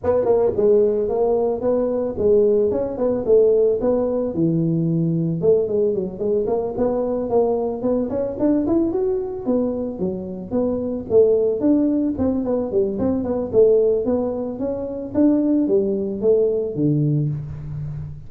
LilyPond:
\new Staff \with { instrumentName = "tuba" } { \time 4/4 \tempo 4 = 111 b8 ais8 gis4 ais4 b4 | gis4 cis'8 b8 a4 b4 | e2 a8 gis8 fis8 gis8 | ais8 b4 ais4 b8 cis'8 d'8 |
e'8 fis'4 b4 fis4 b8~ | b8 a4 d'4 c'8 b8 g8 | c'8 b8 a4 b4 cis'4 | d'4 g4 a4 d4 | }